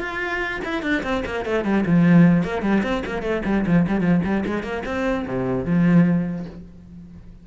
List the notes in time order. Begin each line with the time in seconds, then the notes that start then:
0.00 F4
0.64 E4
0.82 D4
1.03 C4
1.25 A#3
1.45 A3
1.64 G3
1.86 F3
2.44 A#3
2.62 G3
2.83 C4
3.05 A#3
3.22 A3
3.45 G3
3.66 F3
3.88 G3
4.01 F3
4.24 G3
4.46 G#3
4.63 A#3
4.86 C4
5.27 C3
5.65 F3